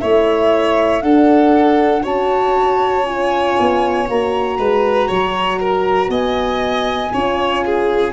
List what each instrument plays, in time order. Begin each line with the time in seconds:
0.00 tuba A3, horn E4, violin C#5, flute E5
1.02 tuba D4, horn D4, violin A4, flute F#5
2.03 tuba C#4, horn F#4, violin C#5, flute A5
3.06 horn F4, flute G#5
3.60 tuba B3
4.09 tuba A#3, horn F#4, flute A#5
4.58 tuba G#3, violin B4
5.08 tuba F#3, violin C#5
5.60 violin A#4
6.09 tuba B3, violin D#5, flute G#5
7.13 tuba C#4, horn F4, violin C#5
7.65 violin G#4